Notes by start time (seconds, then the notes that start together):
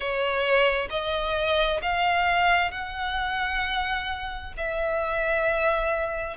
0.00 C#5
0.90 D#5
1.81 F5
2.71 F#5
4.57 E5